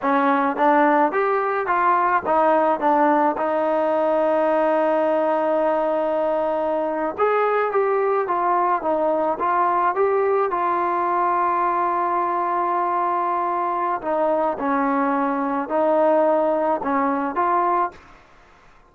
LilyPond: \new Staff \with { instrumentName = "trombone" } { \time 4/4 \tempo 4 = 107 cis'4 d'4 g'4 f'4 | dis'4 d'4 dis'2~ | dis'1~ | dis'8. gis'4 g'4 f'4 dis'16~ |
dis'8. f'4 g'4 f'4~ f'16~ | f'1~ | f'4 dis'4 cis'2 | dis'2 cis'4 f'4 | }